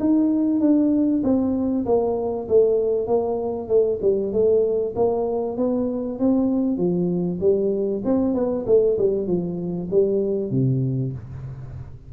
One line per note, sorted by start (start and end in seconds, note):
0.00 0.60 D#4
0.60 1.22 D4
1.23 1.85 C4
1.86 2.47 A#3
2.48 3.07 A3
3.07 3.68 A#3
3.68 3.99 A3
4.02 4.32 G3
4.32 4.94 A3
4.96 5.57 A#3
5.57 6.19 B3
6.19 6.77 C4
6.77 7.39 F3
7.40 8.02 G3
8.04 8.34 C4
8.34 8.65 B3
8.67 8.97 A3
8.98 9.27 G3
9.27 9.89 F3
9.91 10.51 G3
10.51 11.13 C3